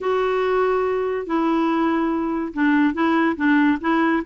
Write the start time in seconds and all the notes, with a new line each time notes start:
0.01 F#4
1.26 E4
2.53 D4
2.93 E4
3.36 D4
3.80 E4